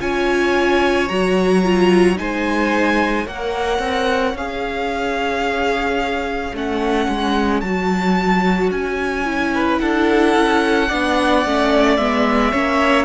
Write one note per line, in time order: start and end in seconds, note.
0.00 1.10 C#4
0.00 1.09 F4
0.00 2.18 C#5
0.00 1.09 G#5
1.09 2.19 F#3
1.09 1.64 F#4
1.09 2.18 A#5
1.65 2.16 F4
2.16 3.27 G#3
2.16 3.25 D#4
2.16 3.25 C5
2.16 3.27 G#5
3.25 3.80 A#3
3.25 4.36 A#4
3.25 9.52 C#5
3.25 4.37 F#5
3.80 4.34 C4
4.34 6.52 C#4
4.34 6.55 G#4
4.34 6.55 F5
6.53 7.08 A3
6.53 7.64 C#4
6.53 7.61 F#5
7.09 7.62 G#3
7.61 8.71 F#3
7.61 9.25 F#4
7.61 8.70 A5
8.71 9.80 C#4
8.71 9.80 G#5
9.25 10.89 E4
9.55 9.82 B4
9.80 10.36 D4
9.80 10.88 A4
9.80 11.97 F#5
10.36 10.91 C#4
10.88 11.46 B3
10.88 11.46 D4
10.88 12.52 D5
11.46 11.99 A3
11.46 12.00 C#4
11.97 12.53 G#3
11.97 12.53 B3
11.97 13.05 E5
12.52 13.05 A#3
12.52 13.05 C#4
12.52 13.05 C#5